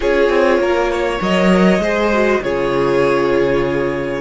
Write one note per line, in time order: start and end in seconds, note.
0.00 0.29 C#4
0.00 1.19 F4
0.00 0.59 G#4
0.00 1.21 C#5
0.29 0.58 C4
0.58 1.19 A#3
0.58 0.91 A#4
0.91 1.82 C#5
1.19 1.78 F#3
1.19 1.80 A#4
1.19 2.42 D#5
1.78 2.39 G#3
1.78 2.12 G#4
1.78 2.43 C5
2.12 2.42 F#4
2.42 4.20 C#3
2.42 4.20 F4
2.42 4.20 G#4
2.42 4.20 C#5